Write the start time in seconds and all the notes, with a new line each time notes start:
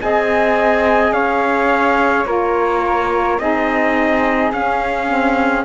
0.00 C4 G#4 D#5 G#5
1.12 C#4 C#5 F5
2.25 A#3 F4 A#4 C#5
3.38 C4 D#4 G#4 D#5
4.52 C#4 F5
5.08 C4